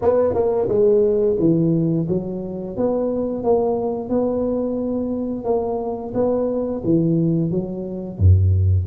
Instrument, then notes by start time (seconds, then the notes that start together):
tuba
0.01 B3
0.33 A#3
0.68 G#3
1.39 E3
2.08 F#3
2.76 B3
3.43 A#3
4.09 B3
5.44 A#3
6.14 B3
6.84 E3
7.50 F#3
8.18 F#2